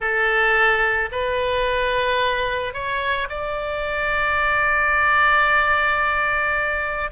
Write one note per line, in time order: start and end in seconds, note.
0.00 1.09 A4
1.11 2.73 B4
2.73 3.28 C#5
3.29 7.11 D5